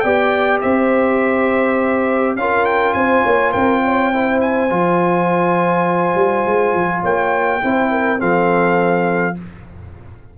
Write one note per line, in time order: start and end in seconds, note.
0.00 0.62 B3
0.00 2.38 G4
0.00 0.61 D5
0.00 0.58 G5
0.61 2.36 C4
0.61 2.37 C5
0.61 2.36 E5
2.36 2.94 C#4
2.36 4.13 F4
2.36 2.97 A#4
2.36 2.65 F5
2.65 2.94 G5
2.94 3.23 C4
2.94 3.24 C5
2.94 3.52 G#5
3.24 3.54 A#3
3.24 3.51 C#5
3.51 4.71 C4
3.51 3.80 A#4
3.51 4.40 G5
3.84 4.13 C#5
4.13 4.70 E4
4.13 7.01 C5
4.41 7.03 G#5
4.70 6.15 F3
4.70 7.61 F4
6.15 6.44 G3
6.46 6.74 G#3
6.74 7.03 F3
7.01 7.62 A#3
7.01 7.59 C#5
7.01 8.21 G5
7.62 8.21 C4
7.62 8.18 E4
7.62 7.92 C5
7.92 8.20 A#4
8.18 9.38 F3
8.18 9.34 C4
8.18 9.36 A4
8.18 9.37 F5